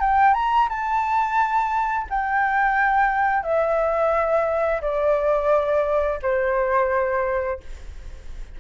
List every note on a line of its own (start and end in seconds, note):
0.00 0.34 G5
0.34 0.68 A#5
0.69 2.07 A5
2.10 3.43 G5
3.43 4.81 E5
4.81 6.19 D5
6.22 7.60 C5